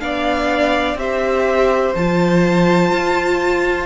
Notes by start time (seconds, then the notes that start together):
0.00 B3 D4 D5 F5
0.94 C4 G4 C5 E5
1.95 F3 F4 A5
2.92 F4